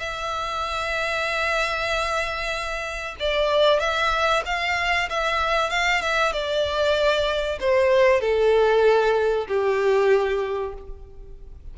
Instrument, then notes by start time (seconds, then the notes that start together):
violin
0.00 E5
3.20 D5
3.80 E5
4.46 F5
5.10 E5
5.70 F5
6.02 E5
6.32 D5
7.60 C5
8.21 A4
9.48 G4